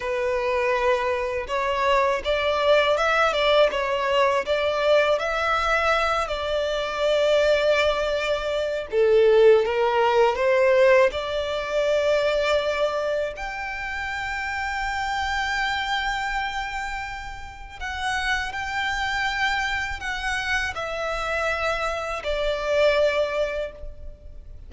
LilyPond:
\new Staff \with { instrumentName = "violin" } { \time 4/4 \tempo 4 = 81 b'2 cis''4 d''4 | e''8 d''8 cis''4 d''4 e''4~ | e''8 d''2.~ d''8 | a'4 ais'4 c''4 d''4~ |
d''2 g''2~ | g''1 | fis''4 g''2 fis''4 | e''2 d''2 | }